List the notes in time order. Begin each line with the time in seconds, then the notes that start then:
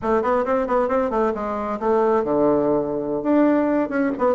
0.02 A3
0.22 B3
0.45 C4
0.67 B3
0.88 C4
1.10 A3
1.34 G#3
1.79 A3
2.23 D3
3.23 D4
3.89 C#4
4.18 B3